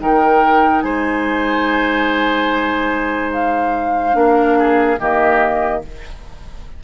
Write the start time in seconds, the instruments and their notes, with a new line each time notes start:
0.00 bassoon D#3, clarinet D#4, oboe A#4, flute G5
0.82 bassoon G#3, oboe C5, flute G#5
3.33 flute F5
4.14 bassoon A#3, clarinet D4, oboe A#4
4.59 oboe G#4
4.99 bassoon D#3, clarinet A#3, oboe G4, flute D#5